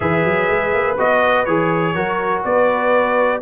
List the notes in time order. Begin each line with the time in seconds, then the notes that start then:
0.00 E3 G#4 B4 E5
0.25 F#3
0.49 G#3
0.73 A#3
0.97 B3 F#4 D#5
1.45 E3 G#4 C#5
1.95 F#3 F#4 A#4
2.44 B3 B4 D5